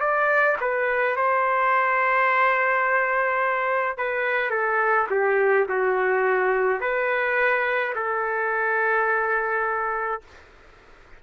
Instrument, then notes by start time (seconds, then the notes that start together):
trumpet
0.00 D5
0.61 B4
1.16 C5
3.98 B4
4.50 A4
5.10 G4
5.69 F#4
6.81 B4
7.95 A4